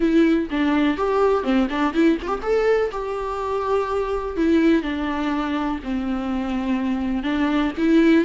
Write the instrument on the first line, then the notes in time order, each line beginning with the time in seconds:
viola
0.00 E4
0.50 D4
0.97 G4
1.43 C4
1.69 D4
1.93 E4
2.22 F4 G4
2.42 A4
2.91 G4
4.37 E4
4.82 D4
5.83 C4
7.23 D4
7.77 E4